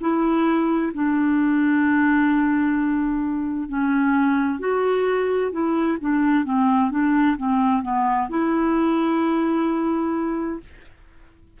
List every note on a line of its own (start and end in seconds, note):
0.00 0.92 E4
0.93 3.68 D4
3.68 4.59 C#4
4.59 5.51 F#4
5.51 5.97 E4
6.00 6.44 D4
6.44 6.90 C4
6.90 7.36 D4
7.37 7.82 C4
7.82 8.28 B3
8.29 10.59 E4